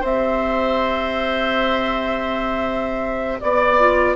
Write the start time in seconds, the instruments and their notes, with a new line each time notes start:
0.00 bassoon C4, clarinet G4, oboe C5, flute E5
3.40 bassoon B3, flute D5, oboe D5
3.78 clarinet F4